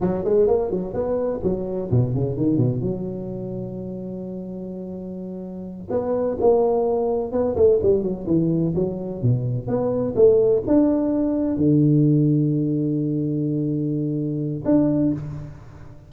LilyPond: \new Staff \with { instrumentName = "tuba" } { \time 4/4 \tempo 4 = 127 fis8 gis8 ais8 fis8 b4 fis4 | b,8 cis8 dis8 b,8 fis2~ | fis1~ | fis8 b4 ais2 b8 |
a8 g8 fis8 e4 fis4 b,8~ | b,8 b4 a4 d'4.~ | d'8 d2.~ d8~ | d2. d'4 | }